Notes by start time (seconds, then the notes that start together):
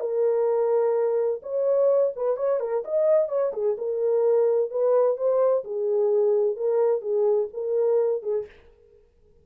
0.00 A#4
1.42 C#5
2.16 B4
2.36 C#5
2.60 A#4
2.84 D#5
3.29 C#5
3.53 G#4
3.78 A#4
4.70 B4
5.17 C5
5.64 G#4
6.56 A#4
7.01 G#4
7.53 A#4
8.22 G#4